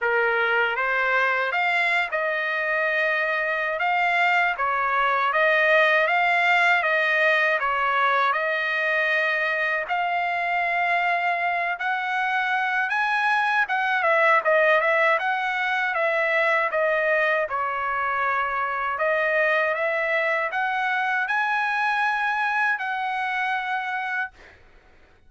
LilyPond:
\new Staff \with { instrumentName = "trumpet" } { \time 4/4 \tempo 4 = 79 ais'4 c''4 f''8. dis''4~ dis''16~ | dis''4 f''4 cis''4 dis''4 | f''4 dis''4 cis''4 dis''4~ | dis''4 f''2~ f''8 fis''8~ |
fis''4 gis''4 fis''8 e''8 dis''8 e''8 | fis''4 e''4 dis''4 cis''4~ | cis''4 dis''4 e''4 fis''4 | gis''2 fis''2 | }